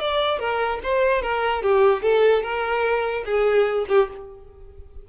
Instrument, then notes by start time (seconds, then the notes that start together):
violin
0.00 D5
0.39 A#4
0.83 C5
1.22 A#4
1.62 G4
2.03 A4
2.43 A#4
3.25 G#4
3.88 G4